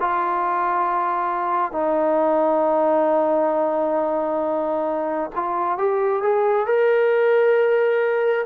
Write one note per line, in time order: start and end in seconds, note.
0.00 1.72 F4
1.72 5.30 D#4
5.35 5.78 F4
5.78 6.22 G4
6.22 6.67 G#4
6.67 8.46 A#4